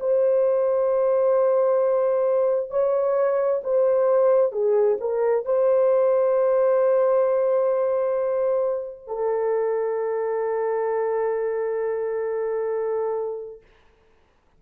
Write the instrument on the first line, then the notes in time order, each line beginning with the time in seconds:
horn
0.00 C5
2.70 C#5
3.64 C5
4.52 G#4
5.00 A#4
5.45 C5
9.07 A4